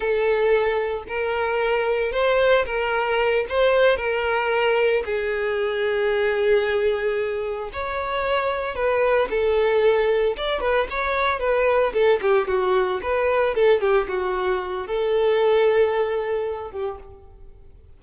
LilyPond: \new Staff \with { instrumentName = "violin" } { \time 4/4 \tempo 4 = 113 a'2 ais'2 | c''4 ais'4. c''4 ais'8~ | ais'4. gis'2~ gis'8~ | gis'2~ gis'8 cis''4.~ |
cis''8 b'4 a'2 d''8 | b'8 cis''4 b'4 a'8 g'8 fis'8~ | fis'8 b'4 a'8 g'8 fis'4. | a'2.~ a'8 g'8 | }